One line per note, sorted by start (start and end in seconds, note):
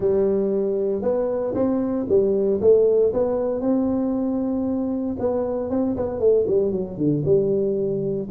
0.00 1.02 G3
1.02 1.54 B3
1.54 2.06 C4
2.08 2.60 G3
2.61 3.12 A3
3.13 3.61 B3
3.61 5.16 C4
5.19 5.70 B3
5.70 5.96 C4
5.96 6.19 B3
6.19 6.45 A3
6.47 6.71 G3
6.71 6.97 F#3
6.97 7.23 D3
7.24 8.28 G3